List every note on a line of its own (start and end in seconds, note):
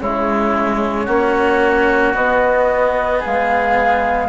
0.00 1.07 C#3
0.00 1.08 G#3
0.00 1.06 E4
0.00 2.15 C#5
1.06 2.16 A#3
1.06 2.14 C#4
1.06 3.20 F#4
2.14 4.29 B3
2.14 3.23 B3
2.14 3.22 D#5
3.20 4.27 G#4
3.20 4.29 F5
3.27 4.29 G#3